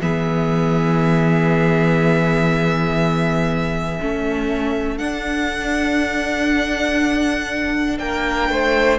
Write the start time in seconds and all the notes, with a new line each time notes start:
0.00 E3 B3 G#4 E5
4.01 A3 C#4 A4
4.99 D4 F#5
7.99 A#3 A#4 G5
8.49 A3 C5